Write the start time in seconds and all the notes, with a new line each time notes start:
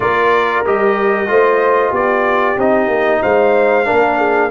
0.00 A#3 F4 A#4 D5
0.65 G3 G4 D#5
1.27 A3 F4 C5
1.90 B3 G4 D5
2.57 C4 D#4 D#5
2.88 A#3
3.22 G#3 C5 F5
3.85 D4 A#4
3.91 A#3
4.18 G#4